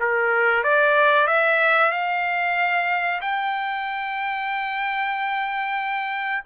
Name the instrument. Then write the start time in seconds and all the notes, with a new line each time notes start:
trumpet
0.00 A#4
0.63 D5
1.27 E5
1.91 F5
3.21 G5